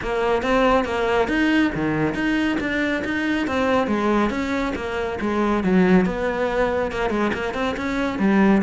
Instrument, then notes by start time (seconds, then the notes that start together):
cello
0.02 A#3
0.42 C4
0.84 A#3
1.28 D#4
1.74 D#3
2.14 D#4
2.59 D4
3.04 D#4
3.47 C4
3.87 G#3
4.30 C#4
4.75 A#3
5.20 G#3
5.63 F#3
6.05 B3
6.91 A#3
7.10 G#3
7.33 A#3
7.54 C4
7.77 C#4
8.18 G3